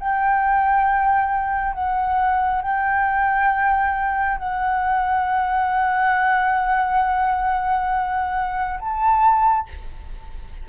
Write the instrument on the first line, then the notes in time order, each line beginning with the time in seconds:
flute
0.00 G5
1.74 F#5
2.62 G5
4.38 F#5
8.80 A5